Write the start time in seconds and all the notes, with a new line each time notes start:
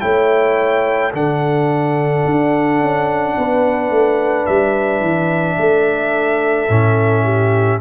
0.00 A3 E4 C#5 G5
1.12 D3 D4 A4 F#5
2.25 D4
2.80 C#4
3.37 B3 B4
3.90 A3
4.46 G3 E5
5.00 E3
5.57 A3 A4
6.69 A2 C#4
7.23 G4